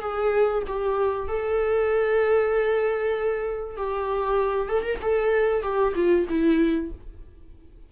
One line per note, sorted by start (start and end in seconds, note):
0.00 0.62 G#4
0.67 1.28 G4
1.28 3.77 A4
3.77 4.69 G4
4.69 4.83 A4
4.83 4.99 A#4
5.01 5.62 A4
5.62 5.93 G4
5.95 6.26 F4
6.29 6.91 E4